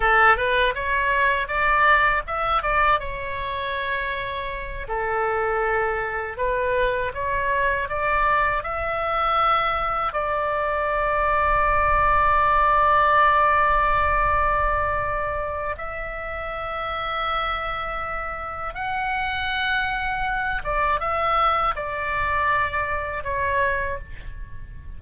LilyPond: \new Staff \with { instrumentName = "oboe" } { \time 4/4 \tempo 4 = 80 a'8 b'8 cis''4 d''4 e''8 d''8 | cis''2~ cis''8 a'4.~ | a'8 b'4 cis''4 d''4 e''8~ | e''4. d''2~ d''8~ |
d''1~ | d''4 e''2.~ | e''4 fis''2~ fis''8 d''8 | e''4 d''2 cis''4 | }